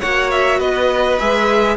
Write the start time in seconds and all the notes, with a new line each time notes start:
0.00 A#3 F#4 C#5 F#5
0.31 E5
0.59 B3 B4 D#5
1.19 G#3 G#4 E5